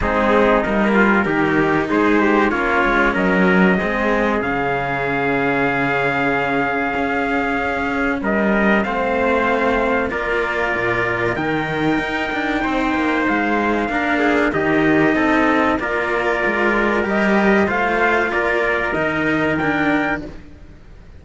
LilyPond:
<<
  \new Staff \with { instrumentName = "trumpet" } { \time 4/4 \tempo 4 = 95 gis'4 ais'2 c''4 | cis''4 dis''2 f''4~ | f''1~ | f''4 dis''4 f''2 |
d''2 g''2~ | g''4 f''2 dis''4~ | dis''4 d''2 dis''4 | f''4 d''4 dis''4 g''4 | }
  \new Staff \with { instrumentName = "trumpet" } { \time 4/4 dis'4. f'8 g'4 gis'8 g'8 | f'4 ais'4 gis'2~ | gis'1~ | gis'4 ais'4 c''2 |
ais'1 | c''2 ais'8 gis'8 g'4 | a'4 ais'2. | c''4 ais'2. | }
  \new Staff \with { instrumentName = "cello" } { \time 4/4 c'4 ais4 dis'2 | cis'2 c'4 cis'4~ | cis'1~ | cis'2 c'2 |
f'2 dis'2~ | dis'2 d'4 dis'4~ | dis'4 f'2 g'4 | f'2 dis'4 d'4 | }
  \new Staff \with { instrumentName = "cello" } { \time 4/4 gis4 g4 dis4 gis4 | ais8 gis8 fis4 gis4 cis4~ | cis2. cis'4~ | cis'4 g4 a2 |
ais4 ais,4 dis4 dis'8 d'8 | c'8 ais8 gis4 ais4 dis4 | c'4 ais4 gis4 g4 | a4 ais4 dis2 | }
>>